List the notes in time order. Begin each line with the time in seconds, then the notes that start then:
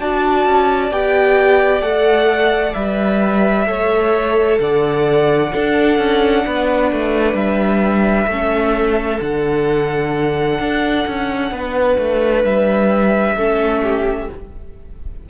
0.00 D4 F#4 D5 A5
0.46 C#4
0.91 B3 G4 G5
1.81 A3 A4 F#5
2.74 G3 B4 E5
3.67 A3 A4 C#5
4.60 D3 D5 F#5
5.52 D4 A4
5.98 C#4
6.46 B3 B4
6.92 A3
7.34 G3 E5
8.27 A3 C#4 A4
9.21 D3 D4 F#5
10.60 D4
11.08 C#4
11.52 B3 B4
11.98 A3
12.44 G3 E5
13.36 A3 C#4 A4
13.83 G4